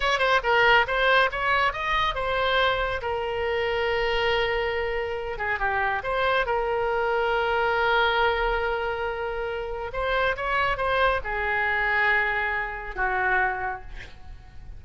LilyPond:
\new Staff \with { instrumentName = "oboe" } { \time 4/4 \tempo 4 = 139 cis''8 c''8 ais'4 c''4 cis''4 | dis''4 c''2 ais'4~ | ais'1~ | ais'8 gis'8 g'4 c''4 ais'4~ |
ais'1~ | ais'2. c''4 | cis''4 c''4 gis'2~ | gis'2 fis'2 | }